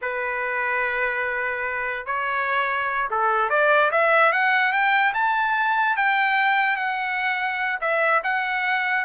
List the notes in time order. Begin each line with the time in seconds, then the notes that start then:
0.01 B4
2.05 C#5
3.10 A4
3.49 D5
3.91 E5
4.32 F#5
4.72 G5
5.14 A5
5.96 G5
6.76 F#5
7.80 E5
8.23 F#5